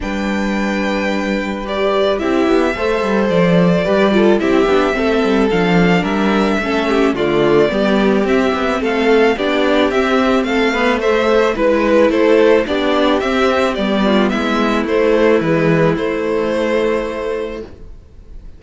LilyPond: <<
  \new Staff \with { instrumentName = "violin" } { \time 4/4 \tempo 4 = 109 g''2. d''4 | e''2 d''2 | e''2 f''4 e''4~ | e''4 d''2 e''4 |
f''4 d''4 e''4 f''4 | e''4 b'4 c''4 d''4 | e''4 d''4 e''4 c''4 | b'4 c''2. | }
  \new Staff \with { instrumentName = "violin" } { \time 4/4 b'1 | g'4 c''2 b'8 a'8 | g'4 a'2 ais'4 | a'8 g'8 f'4 g'2 |
a'4 g'2 a'8 b'8 | c''4 b'4 a'4 g'4~ | g'4. f'8 e'2~ | e'1 | }
  \new Staff \with { instrumentName = "viola" } { \time 4/4 d'2. g'4 | e'4 a'2 g'8 f'8 | e'8 d'8 c'4 d'2 | cis'4 a4 b4 c'4~ |
c'4 d'4 c'4. b8 | a4 e'2 d'4 | c'4 b2 a4 | gis4 a2. | }
  \new Staff \with { instrumentName = "cello" } { \time 4/4 g1 | c'8 b8 a8 g8 f4 g4 | c'8 b8 a8 g8 f4 g4 | a4 d4 g4 c'8 b8 |
a4 b4 c'4 a4~ | a4 gis4 a4 b4 | c'4 g4 gis4 a4 | e4 a2. | }
>>